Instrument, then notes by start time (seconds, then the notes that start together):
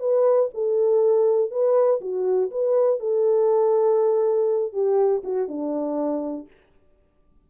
horn
0.00 B4
0.55 A4
1.51 B4
2.01 F#4
2.51 B4
3.00 A4
4.73 G4
5.24 F#4
5.48 D4